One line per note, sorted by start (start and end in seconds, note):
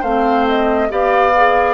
0.00 0.90 A3
0.00 0.89 C4
0.00 0.87 C5
0.00 0.46 F5
0.48 0.91 D#5
0.89 1.74 B3
0.89 1.33 G4
0.89 1.74 D5
0.89 1.74 F5
1.36 1.74 G#4